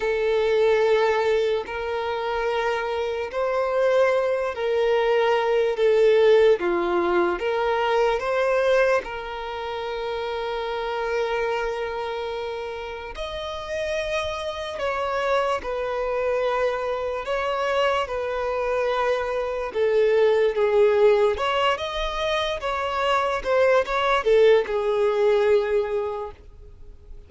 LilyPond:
\new Staff \with { instrumentName = "violin" } { \time 4/4 \tempo 4 = 73 a'2 ais'2 | c''4. ais'4. a'4 | f'4 ais'4 c''4 ais'4~ | ais'1 |
dis''2 cis''4 b'4~ | b'4 cis''4 b'2 | a'4 gis'4 cis''8 dis''4 cis''8~ | cis''8 c''8 cis''8 a'8 gis'2 | }